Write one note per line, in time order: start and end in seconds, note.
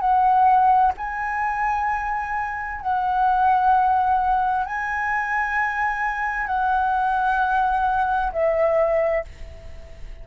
0.00 0.92 F#5
0.97 2.81 G#5
2.81 4.65 F#5
4.65 6.47 G#5
6.47 8.31 F#5
8.32 9.24 E5